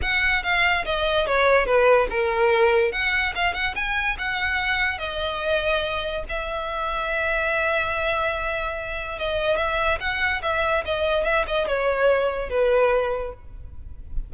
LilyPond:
\new Staff \with { instrumentName = "violin" } { \time 4/4 \tempo 4 = 144 fis''4 f''4 dis''4 cis''4 | b'4 ais'2 fis''4 | f''8 fis''8 gis''4 fis''2 | dis''2. e''4~ |
e''1~ | e''2 dis''4 e''4 | fis''4 e''4 dis''4 e''8 dis''8 | cis''2 b'2 | }